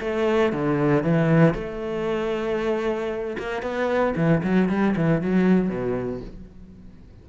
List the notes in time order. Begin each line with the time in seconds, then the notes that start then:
0.00 A3
0.52 D3
1.03 E3
1.54 A3
3.38 A#3
3.62 B3
4.16 E3
4.43 F#3
4.69 G3
4.96 E3
5.21 F#3
5.69 B2